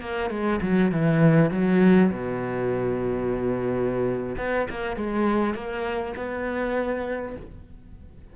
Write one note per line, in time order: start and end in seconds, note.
0.00 0.30 A#3
0.30 0.60 G#3
0.61 0.91 F#3
0.91 1.51 E3
1.51 2.11 F#3
2.11 4.36 B2
4.37 4.67 B3
4.70 4.96 A#3
4.96 5.54 G#3
5.54 6.14 A#3
6.16 7.36 B3